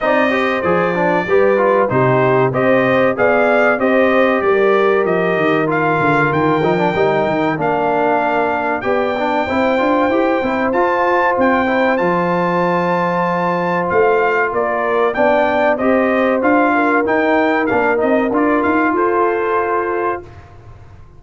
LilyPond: <<
  \new Staff \with { instrumentName = "trumpet" } { \time 4/4 \tempo 4 = 95 dis''4 d''2 c''4 | dis''4 f''4 dis''4 d''4 | dis''4 f''4 g''2 | f''2 g''2~ |
g''4 a''4 g''4 a''4~ | a''2 f''4 d''4 | g''4 dis''4 f''4 g''4 | f''8 dis''8 d''8 f''8 c''2 | }
  \new Staff \with { instrumentName = "horn" } { \time 4/4 d''8 c''4. b'4 g'4 | c''4 d''4 c''4 ais'4~ | ais'1~ | ais'2 d''4 c''4~ |
c''1~ | c''2. ais'4 | d''4 c''4. ais'4.~ | ais'2 a'2 | }
  \new Staff \with { instrumentName = "trombone" } { \time 4/4 dis'8 g'8 gis'8 d'8 g'8 f'8 dis'4 | g'4 gis'4 g'2~ | g'4 f'4. dis'16 d'16 dis'4 | d'2 g'8 d'8 e'8 f'8 |
g'8 e'8 f'4. e'8 f'4~ | f'1 | d'4 g'4 f'4 dis'4 | d'8 dis'8 f'2. | }
  \new Staff \with { instrumentName = "tuba" } { \time 4/4 c'4 f4 g4 c4 | c'4 b4 c'4 g4 | f8 dis4 d8 dis8 f8 g8 dis8 | ais2 b4 c'8 d'8 |
e'8 c'8 f'4 c'4 f4~ | f2 a4 ais4 | b4 c'4 d'4 dis'4 | ais8 c'8 d'8 dis'8 f'2 | }
>>